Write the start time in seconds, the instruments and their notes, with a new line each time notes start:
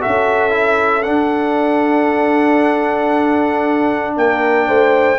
0.00 tuba C#4, trombone F#4, horn A4, trumpet E5
0.50 trombone E4
1.03 trombone D4, tuba D4, trumpet F#5
4.16 tuba A#3, horn A#4, trumpet G5
4.67 tuba A3, horn C5